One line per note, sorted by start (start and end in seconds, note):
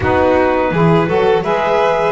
0.00 0.71 B3
0.00 0.73 D#4
0.00 0.71 F#4
0.00 1.43 B4
0.71 1.07 E3
0.71 1.07 E4
0.71 1.08 G#4
1.07 1.43 F#3
1.07 1.43 F#4
1.07 1.43 A4
1.43 2.12 G#3
1.43 2.12 G#4
1.43 2.12 B4
1.43 2.12 E5